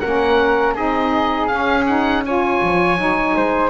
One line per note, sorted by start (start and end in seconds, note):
0.00 0.77 A#3
0.00 0.76 C#4
0.00 0.74 A#4
0.00 0.74 F#5
0.74 1.51 C4
0.74 1.49 D#4
0.74 2.23 G#4
0.74 1.47 D#5
1.47 1.86 C#4
1.47 2.62 C#4
1.47 1.84 F5
1.87 2.24 D#4
1.87 2.24 F#5
2.25 2.98 F4
2.25 3.36 C#5
2.25 3.70 G#5
2.62 2.98 F3
2.98 3.35 F#3
2.98 3.70 D#4
3.36 3.70 G#3
3.36 3.70 C5